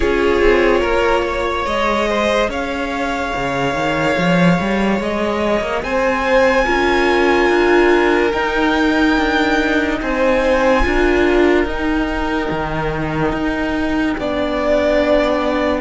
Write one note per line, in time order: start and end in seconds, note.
0.00 0.40 C#4
0.00 1.66 F4
0.00 0.80 G#4
0.00 1.66 C#5
0.40 0.82 C4
0.80 1.65 A#3
0.80 1.22 A#4
1.27 2.09 C#5
1.65 2.48 G#3
1.65 6.65 G#4
1.65 2.49 D#5
2.09 2.49 C5
2.48 3.32 C#4
2.48 5.83 C#5
2.48 5.01 F5
3.36 3.74 C#3
3.74 4.15 D#3
4.17 4.59 F3
4.60 4.99 G3
4.99 5.61 G#3
4.99 5.83 D#5
5.61 5.81 A#3
5.82 6.65 C4
5.82 6.64 C5
5.82 8.32 G#5
6.64 7.49 C#4
6.64 8.32 F4
6.64 9.98 A#4
7.49 8.32 D4
8.32 10.82 D#4
8.32 9.17 D#4
8.32 9.98 G5
9.17 10.00 D4
10.01 10.85 C4
10.01 10.85 C5
10.01 11.66 G#5
10.82 11.65 D4
10.82 11.65 F4
10.82 14.18 A#4
11.65 12.48 D#4
11.65 14.17 D#4
11.65 15.81 G5
12.50 13.32 D#3
13.32 14.15 D#4
14.17 15.81 B3
14.17 15.81 D4
14.17 15.81 D5